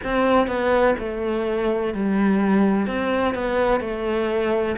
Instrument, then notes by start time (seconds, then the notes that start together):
cello
0.04 C4
0.47 B3
0.98 A3
1.94 G3
2.86 C4
3.34 B3
3.80 A3